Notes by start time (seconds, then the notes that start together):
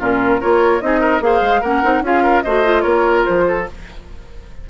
0.00 A#2 C#4 F4 A#4
0.41 A#3 F4 A#4 C#5
0.81 C4 D#4 G#4 D#5
1.00 A#4
1.21 A#3 G#4 C5 F5
1.42 G#3
1.61 A#3 C#4 A#4 F#5
1.83 C4 D#4
2.02 C#4 F4 G#4 F5
2.23 A#4
2.42 A3 F#4 C5 D#5
2.64 F4
2.81 A#3 A#4 C#5
3.25 F3 C5
3.48 A4